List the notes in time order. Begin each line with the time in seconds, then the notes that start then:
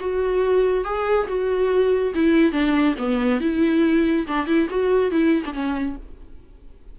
0.00 F#4
0.85 G#4
1.28 F#4
2.14 E4
2.52 D4
2.98 B3
3.41 E4
4.27 D4
4.47 E4
4.70 F#4
5.11 E4
5.45 D4
5.53 C#4